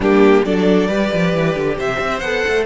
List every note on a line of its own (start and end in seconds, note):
0.00 0.43 G3
0.00 0.45 A#3
0.00 0.43 D4
0.00 0.45 G4
0.43 0.87 F#3
0.43 0.90 D4
0.43 0.88 A4
0.43 1.78 D5
0.87 1.10 G3
0.87 2.23 G4
0.87 1.77 B4
1.12 1.33 F3
1.33 1.55 E3
1.55 1.77 D3
1.77 1.99 C3
1.77 2.66 C5
1.77 2.19 E5
1.99 2.21 C4
2.19 2.43 B3
2.19 2.66 A4
2.19 2.63 F#5
2.47 2.66 A3